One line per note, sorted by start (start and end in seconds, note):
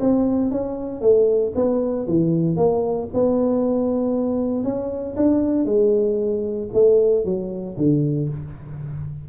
0.00 0.51 C4
0.51 1.01 C#4
1.01 1.53 A3
1.55 2.07 B3
2.08 2.56 E3
2.56 3.08 A#3
3.13 4.64 B3
4.64 5.16 C#4
5.16 5.65 D4
5.65 6.68 G#3
6.73 7.25 A3
7.25 7.77 F#3
7.77 8.29 D3